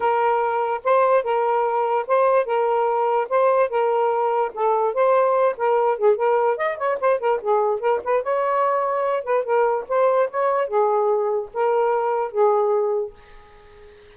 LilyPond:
\new Staff \with { instrumentName = "saxophone" } { \time 4/4 \tempo 4 = 146 ais'2 c''4 ais'4~ | ais'4 c''4 ais'2 | c''4 ais'2 a'4 | c''4. ais'4 gis'8 ais'4 |
dis''8 cis''8 c''8 ais'8 gis'4 ais'8 b'8 | cis''2~ cis''8 b'8 ais'4 | c''4 cis''4 gis'2 | ais'2 gis'2 | }